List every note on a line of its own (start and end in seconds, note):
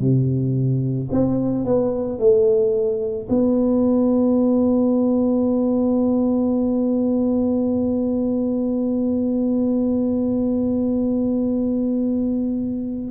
0.00 1.09 C3
1.12 1.65 C4
1.65 2.19 B3
2.19 3.28 A3
3.30 13.12 B3